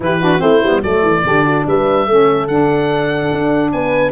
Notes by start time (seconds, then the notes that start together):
0.00 E3 E4 G4 B4
0.21 D4 F#4
0.38 A3 C4 E4 C5
0.63 G3 B3
0.82 F#3 A3 A4 D5
1.02 E3
1.23 D3 D4 G4
1.45 F#4
1.66 G3 B4 E5
2.07 A3 C#4 A4
2.47 D3 D4 F#5
3.32 D4
3.72 B3 B4 G#5